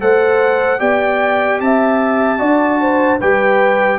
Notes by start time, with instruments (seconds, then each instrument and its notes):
0.00 tuba A3, trombone A4, horn C5, trumpet F#5
0.78 tuba B3, trombone G4, horn D5, trumpet G5
1.60 tuba C4, horn E5, trumpet A5
2.38 tuba D4, trombone F#4, horn D5
2.81 horn C5
3.19 tuba G3, trombone G4, horn B4, trumpet G5